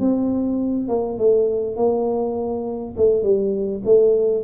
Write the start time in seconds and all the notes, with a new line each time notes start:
0.00 C4
0.89 A#3
1.19 A3
1.77 A#3
2.97 A3
3.23 G3
3.85 A3